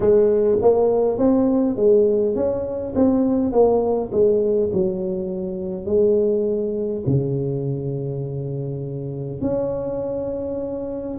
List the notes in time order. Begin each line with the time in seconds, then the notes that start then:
0.00 G#3
0.61 A#3
1.18 C4
1.76 G#3
2.35 C#4
2.95 C4
3.52 A#3
4.12 G#3
4.73 F#3
5.85 G#3
7.06 C#3
9.41 C#4